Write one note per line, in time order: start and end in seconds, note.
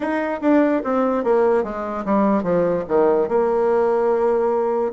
0.00 0.40 D#4
0.41 0.82 D4
0.84 1.24 C4
1.24 1.63 A#3
1.63 2.04 G#3
2.05 2.42 G3
2.42 2.84 F3
2.88 3.28 D#3
3.28 4.92 A#3